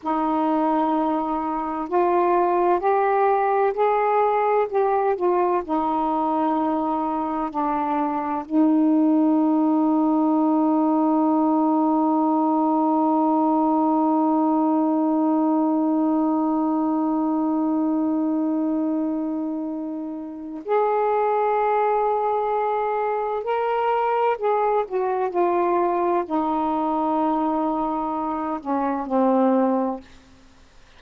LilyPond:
\new Staff \with { instrumentName = "saxophone" } { \time 4/4 \tempo 4 = 64 dis'2 f'4 g'4 | gis'4 g'8 f'8 dis'2 | d'4 dis'2.~ | dis'1~ |
dis'1~ | dis'2 gis'2~ | gis'4 ais'4 gis'8 fis'8 f'4 | dis'2~ dis'8 cis'8 c'4 | }